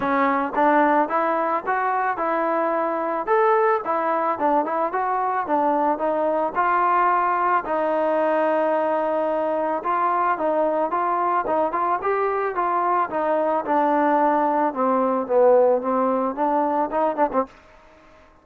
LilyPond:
\new Staff \with { instrumentName = "trombone" } { \time 4/4 \tempo 4 = 110 cis'4 d'4 e'4 fis'4 | e'2 a'4 e'4 | d'8 e'8 fis'4 d'4 dis'4 | f'2 dis'2~ |
dis'2 f'4 dis'4 | f'4 dis'8 f'8 g'4 f'4 | dis'4 d'2 c'4 | b4 c'4 d'4 dis'8 d'16 c'16 | }